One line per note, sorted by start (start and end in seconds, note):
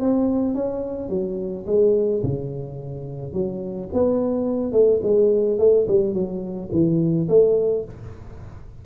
0.00 0.55 C4
0.55 1.09 C#4
1.09 1.65 F#3
1.66 2.22 G#3
2.23 3.33 C#3
3.33 3.89 F#3
3.93 4.72 B3
4.72 5.00 A3
5.02 5.58 G#3
5.58 5.86 A3
5.88 6.13 G3
6.13 6.69 F#3
6.71 7.27 E3
7.28 7.85 A3